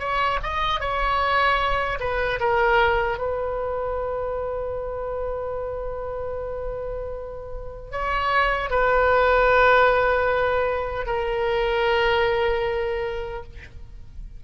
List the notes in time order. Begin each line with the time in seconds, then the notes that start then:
0.00 C#5
0.44 D#5
0.81 C#5
2.00 B4
2.40 A#4
3.19 B4
7.92 C#5
8.71 B4
11.07 A#4